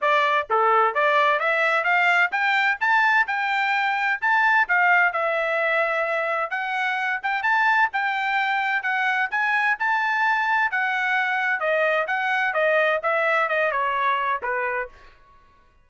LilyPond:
\new Staff \with { instrumentName = "trumpet" } { \time 4/4 \tempo 4 = 129 d''4 a'4 d''4 e''4 | f''4 g''4 a''4 g''4~ | g''4 a''4 f''4 e''4~ | e''2 fis''4. g''8 |
a''4 g''2 fis''4 | gis''4 a''2 fis''4~ | fis''4 dis''4 fis''4 dis''4 | e''4 dis''8 cis''4. b'4 | }